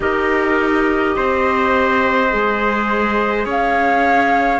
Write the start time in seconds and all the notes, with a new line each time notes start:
0.00 D#4 G4 A#4 D#5
1.16 C4 C5
2.29 G#3 G#4
3.45 C#4 C#5 F5